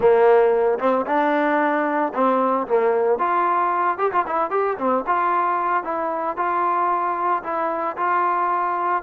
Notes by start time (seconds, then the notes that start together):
0.00 A#3
0.79 C4
1.06 D4
2.14 C4
2.67 A#3
3.18 F4
3.98 G4
4.12 F4
4.26 E4
4.50 G4
4.78 C4
5.06 F4
5.83 E4
6.36 F4
7.43 E4
7.96 F4